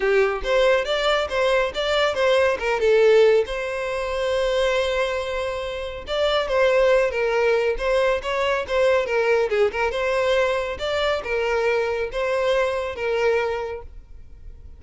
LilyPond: \new Staff \with { instrumentName = "violin" } { \time 4/4 \tempo 4 = 139 g'4 c''4 d''4 c''4 | d''4 c''4 ais'8 a'4. | c''1~ | c''2 d''4 c''4~ |
c''8 ais'4. c''4 cis''4 | c''4 ais'4 gis'8 ais'8 c''4~ | c''4 d''4 ais'2 | c''2 ais'2 | }